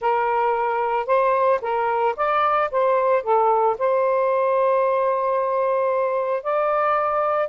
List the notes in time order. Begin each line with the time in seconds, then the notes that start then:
0.01 A#4
1.06 C5
1.61 A#4
2.16 D5
2.71 C5
3.22 A4
3.78 C5
6.43 D5